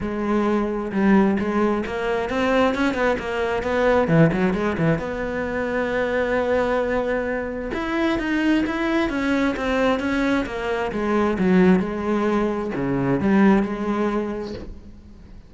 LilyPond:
\new Staff \with { instrumentName = "cello" } { \time 4/4 \tempo 4 = 132 gis2 g4 gis4 | ais4 c'4 cis'8 b8 ais4 | b4 e8 fis8 gis8 e8 b4~ | b1~ |
b4 e'4 dis'4 e'4 | cis'4 c'4 cis'4 ais4 | gis4 fis4 gis2 | cis4 g4 gis2 | }